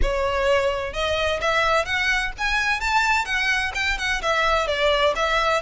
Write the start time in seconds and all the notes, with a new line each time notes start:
0.01 C#5
0.93 D#5
1.41 E5
1.85 F#5
2.38 G#5
2.80 A5
3.25 F#5
3.74 G5
3.98 F#5
4.22 E5
4.67 D5
5.15 E5